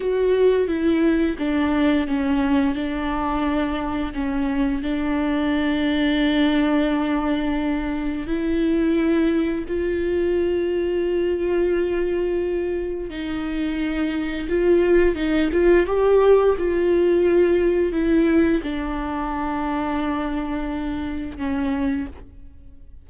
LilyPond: \new Staff \with { instrumentName = "viola" } { \time 4/4 \tempo 4 = 87 fis'4 e'4 d'4 cis'4 | d'2 cis'4 d'4~ | d'1 | e'2 f'2~ |
f'2. dis'4~ | dis'4 f'4 dis'8 f'8 g'4 | f'2 e'4 d'4~ | d'2. cis'4 | }